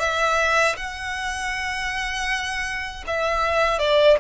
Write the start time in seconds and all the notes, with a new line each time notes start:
0.00 E5
0.77 F#5
3.07 E5
3.79 D5